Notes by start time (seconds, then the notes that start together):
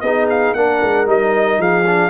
0.00 B3 D#4 G#4 D#5
0.30 F5
0.54 A#3 D4 A#4 F#5
0.82 G#3
1.06 G3 D#4 D#5
1.59 F3 G#4 F5
1.86 D4